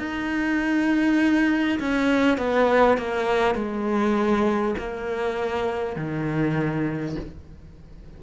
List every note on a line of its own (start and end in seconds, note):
0.00 1.80 D#4
1.80 2.38 C#4
2.38 2.98 B3
2.98 3.56 A#3
3.56 4.76 G#3
4.79 5.97 A#3
5.97 7.17 D#3